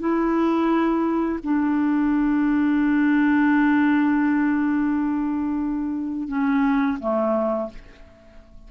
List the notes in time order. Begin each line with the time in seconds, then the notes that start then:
0.00 E4
1.43 D4
6.28 C#4
7.00 A3